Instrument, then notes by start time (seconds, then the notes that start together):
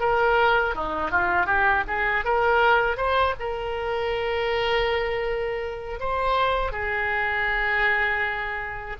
oboe
0.00 A#4
0.75 D#4
1.11 F4
1.46 G4
1.88 G#4
2.25 A#4
2.97 C5
3.40 A#4
6.00 C5
6.72 G#4